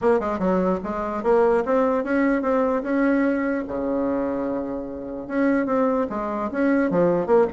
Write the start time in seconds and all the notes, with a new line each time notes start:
0.01 A#3
0.19 G#3
0.39 F#3
0.83 G#3
1.23 A#3
1.65 C4
2.04 C#4
2.41 C4
2.82 C#4
3.67 C#3
5.27 C#4
5.66 C4
6.09 G#3
6.51 C#4
6.90 F3
7.26 A#3